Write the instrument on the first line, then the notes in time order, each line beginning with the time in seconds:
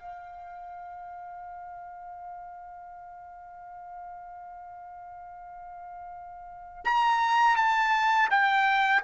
trumpet
0.00 F5
6.85 A#5
7.57 A5
8.31 G5